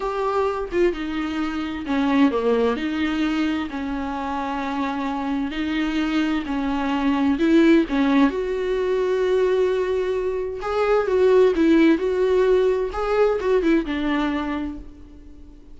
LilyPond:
\new Staff \with { instrumentName = "viola" } { \time 4/4 \tempo 4 = 130 g'4. f'8 dis'2 | cis'4 ais4 dis'2 | cis'1 | dis'2 cis'2 |
e'4 cis'4 fis'2~ | fis'2. gis'4 | fis'4 e'4 fis'2 | gis'4 fis'8 e'8 d'2 | }